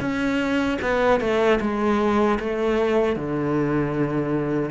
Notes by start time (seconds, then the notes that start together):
0.00 C#4
0.81 B3
1.20 A3
1.60 G#3
2.39 A3
3.16 D3